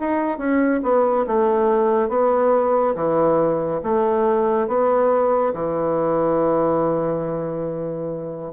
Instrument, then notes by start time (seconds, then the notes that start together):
bassoon
0.00 D#4
0.38 C#4
0.83 B3
1.27 A3
2.09 B3
2.95 E3
3.83 A3
4.68 B3
5.54 E3